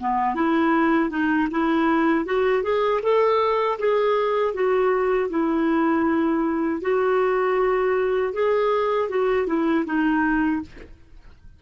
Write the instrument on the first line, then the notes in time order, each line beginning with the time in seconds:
clarinet
0.00 B3
0.35 E4
1.10 D#4
1.51 E4
2.25 F#4
2.63 G#4
3.03 A4
3.79 G#4
4.54 F#4
5.30 E4
6.81 F#4
8.33 G#4
9.09 F#4
9.47 E4
9.86 D#4